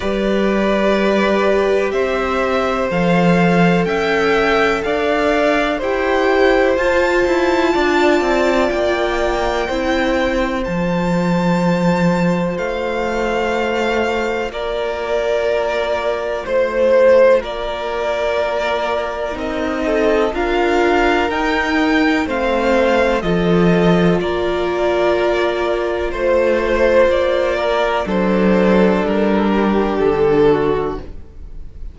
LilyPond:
<<
  \new Staff \with { instrumentName = "violin" } { \time 4/4 \tempo 4 = 62 d''2 e''4 f''4 | g''4 f''4 g''4 a''4~ | a''4 g''2 a''4~ | a''4 f''2 d''4~ |
d''4 c''4 d''2 | dis''4 f''4 g''4 f''4 | dis''4 d''2 c''4 | d''4 c''4 ais'4 a'4 | }
  \new Staff \with { instrumentName = "violin" } { \time 4/4 b'2 c''2 | e''4 d''4 c''2 | d''2 c''2~ | c''2. ais'4~ |
ais'4 c''4 ais'2~ | ais'8 a'8 ais'2 c''4 | a'4 ais'2 c''4~ | c''8 ais'8 a'4. g'4 fis'8 | }
  \new Staff \with { instrumentName = "viola" } { \time 4/4 g'2. a'4~ | a'2 g'4 f'4~ | f'2 e'4 f'4~ | f'1~ |
f'1 | dis'4 f'4 dis'4 c'4 | f'1~ | f'4 d'2. | }
  \new Staff \with { instrumentName = "cello" } { \time 4/4 g2 c'4 f4 | cis'4 d'4 e'4 f'8 e'8 | d'8 c'8 ais4 c'4 f4~ | f4 a2 ais4~ |
ais4 a4 ais2 | c'4 d'4 dis'4 a4 | f4 ais2 a4 | ais4 fis4 g4 d4 | }
>>